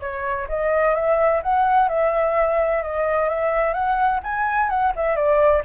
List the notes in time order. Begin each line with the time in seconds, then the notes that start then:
0.00 C#5
0.48 D#5
0.94 E5
1.42 F#5
1.89 E5
2.83 D#5
3.29 E5
3.73 F#5
4.23 G#5
4.69 F#5
4.96 E5
5.15 D5